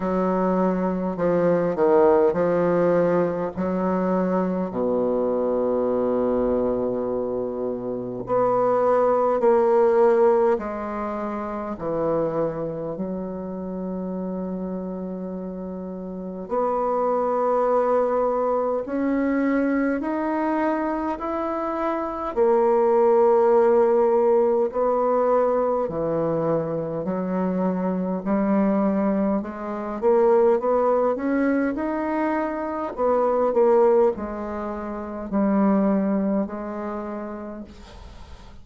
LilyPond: \new Staff \with { instrumentName = "bassoon" } { \time 4/4 \tempo 4 = 51 fis4 f8 dis8 f4 fis4 | b,2. b4 | ais4 gis4 e4 fis4~ | fis2 b2 |
cis'4 dis'4 e'4 ais4~ | ais4 b4 e4 fis4 | g4 gis8 ais8 b8 cis'8 dis'4 | b8 ais8 gis4 g4 gis4 | }